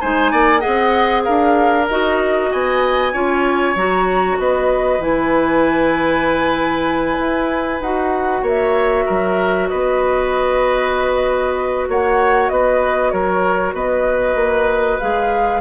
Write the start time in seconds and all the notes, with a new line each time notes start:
0.00 G#3 D#4 C5 G#5
0.31 A#3 D5
0.59 G#4 D#5 F#5
0.66 C4
1.23 D4 A#4 F5
1.88 D#4 F#4 D#5
2.51 B3 D#5 G#5
3.12 C#4 F4 C#5
3.75 F#3 F#4 A#5
4.38 B3 B4 D#5
4.99 E3 E4 G#5
7.19 E4
7.80 D#4 F#4 F#5
8.42 A#3 C#5 E5
9.05 F#3 A#4
9.68 B3 B4 D#5
11.88 A#3 C#5 F#5
12.49 B3 B4 D#5
13.11 F#3 A#4 C#5
13.73 B3 B4 D#5
14.35 A#3
14.99 G#3 G#4 F5